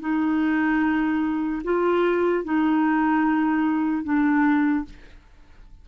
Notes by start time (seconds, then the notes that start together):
0.00 D#4
1.64 F4
2.44 D#4
4.04 D4